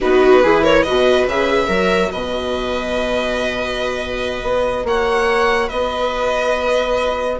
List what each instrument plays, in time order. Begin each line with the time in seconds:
0.00 bassoon B3, viola D#4 F#4, violin B4
0.43 bassoon E3, viola E4 G#4
0.62 viola A#4, violin C#5
0.82 bassoon B2, viola F#4 B4, violin D#5
1.26 bassoon C#3, viola G#4, violin E5
1.67 bassoon F#3, viola F#4 A#4
2.11 bassoon B2, viola B4, violin D#5
4.42 bassoon B3
4.84 bassoon A#3, viola C#5, violin F#5
5.67 bassoon B3, viola B4, violin D#5